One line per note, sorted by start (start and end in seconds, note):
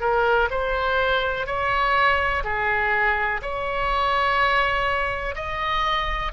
0.00 0.48 A#4
0.50 1.46 C5
1.46 2.43 C#5
2.44 3.40 G#4
3.42 5.35 C#5
5.35 6.32 D#5